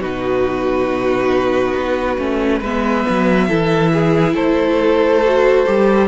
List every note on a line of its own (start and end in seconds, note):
0.00 1.74 B2
0.00 2.18 D#4
0.00 2.60 F#4
0.00 2.63 B4
1.74 2.17 B3
2.18 2.61 A3
2.18 2.61 C#4
2.60 3.05 G#3
2.60 3.49 B3
2.60 3.47 B4
2.60 4.36 E5
3.09 3.50 F#3
3.48 4.34 E3
3.48 5.23 E4
3.48 3.92 A4
3.93 4.34 G#4
4.34 5.64 A3
4.34 6.08 A4
4.34 6.08 C5
5.25 5.66 F#4
5.66 6.08 G3
5.66 6.08 G4